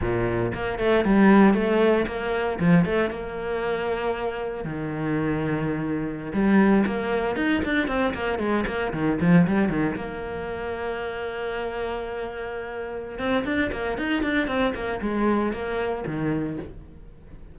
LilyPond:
\new Staff \with { instrumentName = "cello" } { \time 4/4 \tempo 4 = 116 ais,4 ais8 a8 g4 a4 | ais4 f8 a8 ais2~ | ais4 dis2.~ | dis16 g4 ais4 dis'8 d'8 c'8 ais16~ |
ais16 gis8 ais8 dis8 f8 g8 dis8 ais8.~ | ais1~ | ais4. c'8 d'8 ais8 dis'8 d'8 | c'8 ais8 gis4 ais4 dis4 | }